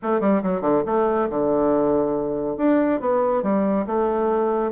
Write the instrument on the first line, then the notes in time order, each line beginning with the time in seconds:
bassoon
0.02 A3
0.20 G3
0.42 F#3
0.61 D3
0.86 A3
1.29 D3
2.57 D4
3.00 B3
3.42 G3
3.86 A3